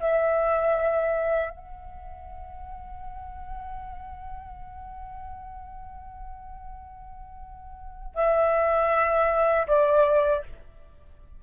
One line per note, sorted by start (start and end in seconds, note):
0.00 1.51 E5
1.51 8.15 F#5
8.15 9.67 E5
9.67 10.43 D5